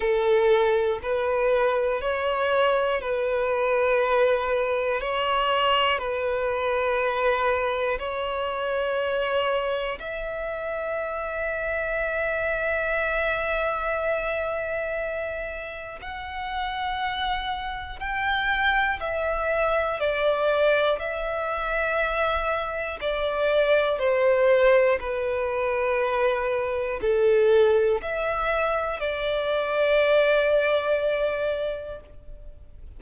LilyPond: \new Staff \with { instrumentName = "violin" } { \time 4/4 \tempo 4 = 60 a'4 b'4 cis''4 b'4~ | b'4 cis''4 b'2 | cis''2 e''2~ | e''1 |
fis''2 g''4 e''4 | d''4 e''2 d''4 | c''4 b'2 a'4 | e''4 d''2. | }